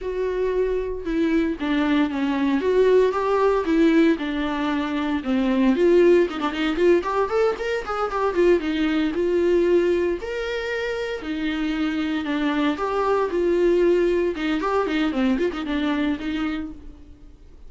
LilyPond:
\new Staff \with { instrumentName = "viola" } { \time 4/4 \tempo 4 = 115 fis'2 e'4 d'4 | cis'4 fis'4 g'4 e'4 | d'2 c'4 f'4 | dis'16 d'16 dis'8 f'8 g'8 a'8 ais'8 gis'8 g'8 |
f'8 dis'4 f'2 ais'8~ | ais'4. dis'2 d'8~ | d'8 g'4 f'2 dis'8 | g'8 dis'8 c'8 f'16 dis'16 d'4 dis'4 | }